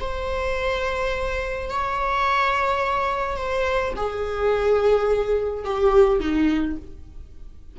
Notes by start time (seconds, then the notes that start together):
0.00 C5
1.70 C#5
3.37 C5
3.96 G#4
5.65 G4
6.20 D#4